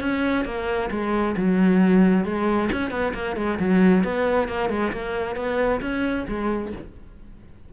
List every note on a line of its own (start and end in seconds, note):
0.00 0.45 C#4
0.45 0.89 A#3
0.90 1.35 G#3
1.36 2.24 F#3
2.24 2.69 G#3
2.72 2.90 C#4
2.90 3.13 B3
3.13 3.36 A#3
3.36 3.58 G#3
3.59 4.03 F#3
4.03 4.48 B3
4.48 4.69 A#3
4.69 4.92 G#3
4.92 5.35 A#3
5.35 5.80 B3
5.81 6.26 C#4
6.28 6.72 G#3